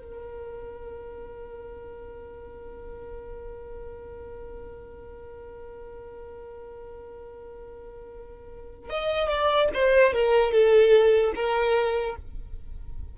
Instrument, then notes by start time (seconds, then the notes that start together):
violin
0.00 A#4
8.90 D#5
9.29 D5
9.74 C5
10.14 A#4
10.53 A4
11.36 A#4